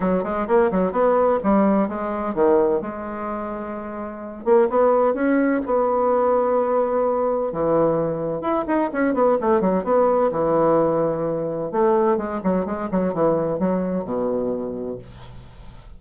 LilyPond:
\new Staff \with { instrumentName = "bassoon" } { \time 4/4 \tempo 4 = 128 fis8 gis8 ais8 fis8 b4 g4 | gis4 dis4 gis2~ | gis4. ais8 b4 cis'4 | b1 |
e2 e'8 dis'8 cis'8 b8 | a8 fis8 b4 e2~ | e4 a4 gis8 fis8 gis8 fis8 | e4 fis4 b,2 | }